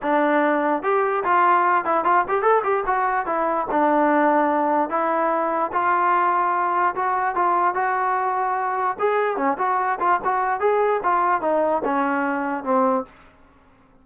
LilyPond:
\new Staff \with { instrumentName = "trombone" } { \time 4/4 \tempo 4 = 147 d'2 g'4 f'4~ | f'8 e'8 f'8 g'8 a'8 g'8 fis'4 | e'4 d'2. | e'2 f'2~ |
f'4 fis'4 f'4 fis'4~ | fis'2 gis'4 cis'8 fis'8~ | fis'8 f'8 fis'4 gis'4 f'4 | dis'4 cis'2 c'4 | }